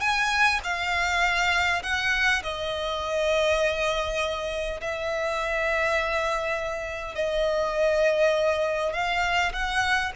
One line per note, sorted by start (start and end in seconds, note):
0.00 0.59 G#5
0.63 1.82 F5
1.83 2.42 F#5
2.42 4.80 D#5
4.81 7.15 E5
7.15 8.93 D#5
8.93 9.52 F5
9.52 10.12 F#5